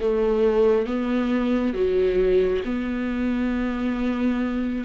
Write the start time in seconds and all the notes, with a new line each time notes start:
0.00 A3
0.86 B3
1.74 F#3
2.65 B3